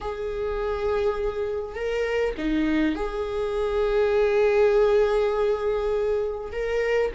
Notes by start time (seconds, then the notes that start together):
0.01 G#4
1.75 A#4
2.37 D#4
2.95 G#4
6.52 A#4